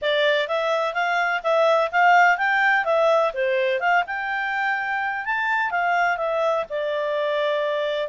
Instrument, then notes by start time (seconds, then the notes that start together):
clarinet
0.01 D5
0.47 E5
0.94 F5
1.43 E5
1.91 F5
2.37 G5
2.84 E5
3.33 C5
3.79 F5
4.06 G5
5.25 A5
5.70 F5
6.17 E5
6.69 D5